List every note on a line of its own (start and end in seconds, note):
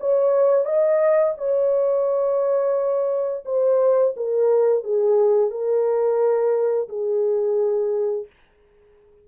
0.00 0.65 C#5
0.65 1.34 D#5
1.38 3.45 C#5
3.45 4.14 C5
4.16 4.84 A#4
4.84 5.50 G#4
5.50 6.88 A#4
6.89 8.27 G#4